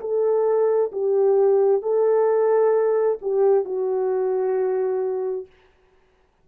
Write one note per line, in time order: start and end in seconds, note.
0.00 0.91 A4
0.92 1.82 G4
1.82 3.18 A4
3.21 3.64 G4
3.64 5.46 F#4